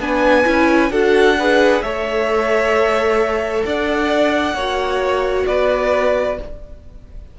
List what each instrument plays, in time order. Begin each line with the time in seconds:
0.00 cello B3, viola D4, violin B4 G#5
0.45 cello C#4, viola E4
0.90 cello D4, viola F#4, violin A4 F#5
1.39 viola G#4, violin B4
1.82 cello A3, viola A4, violin C#5 E5
3.65 cello D4, violin D5 F#5
4.54 cello A#3, viola F#4, violin C#5
5.47 cello B3, violin B4 D5